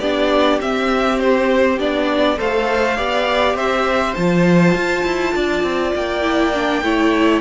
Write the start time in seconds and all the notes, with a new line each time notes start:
0.00 B3 D4 G4 D5
0.60 C4 E5
1.20 C5
1.79 B3 D4 D5
2.38 A3 A4 C5 F5
2.96 B3 G4 D5
3.55 C4 C5 E5
4.15 F3 F4 A5
4.75 F4
5.05 E4
5.35 D4 D5
5.63 C4
5.95 A#3 G5
6.22 E4
6.54 D4
6.82 A3 E4 C#5